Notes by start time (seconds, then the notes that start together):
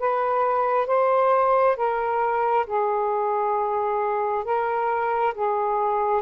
0.00 B4
0.88 C5
1.77 A#4
2.67 G#4
4.45 A#4
5.35 G#4